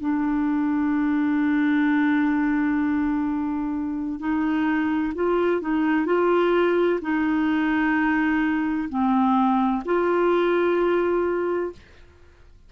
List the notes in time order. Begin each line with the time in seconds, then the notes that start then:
0.00 D4
4.19 D#4
5.15 F4
5.61 D#4
6.06 F4
7.01 D#4
8.89 C4
9.85 F4